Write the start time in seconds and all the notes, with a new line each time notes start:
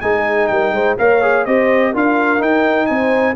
0.00 G#3 D#4 G#4 G#5
0.47 G3 A#4 G5
0.71 G#3 C5
0.98 A#3 A#4 C#5 F5
1.21 G#4
1.45 C4 G4 C5 D#5
1.91 D4 F4 A#4 F5
2.38 D#4 G5
2.86 C4 C5 G#5